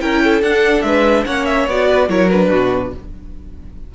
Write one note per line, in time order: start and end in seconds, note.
0.00 0.41 C#4
0.00 0.42 E4
0.00 0.23 A#4
0.00 0.42 G5
0.24 0.86 A4
0.41 0.83 D4
0.41 1.27 D4
0.41 0.82 F#5
0.82 1.24 G#3
0.82 1.25 B4
0.82 1.23 E5
1.25 1.67 A#3
1.25 1.69 C#4
1.25 1.87 C#5
1.25 1.45 F#5
1.45 1.66 E5
1.67 2.08 B3
1.67 2.09 F#4
1.67 2.09 D5
1.87 2.08 B4
2.08 2.49 F#3
2.08 2.30 E4
2.08 2.49 A#4
2.08 2.30 C#5
2.30 2.94 D4
2.30 2.93 B4
2.49 2.93 B2
2.49 2.91 F#4